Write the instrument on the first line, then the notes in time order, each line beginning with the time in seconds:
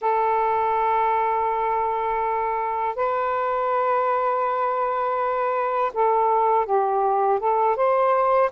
saxophone
0.01 A4
2.95 B4
5.93 A4
6.65 G4
7.39 A4
7.76 C5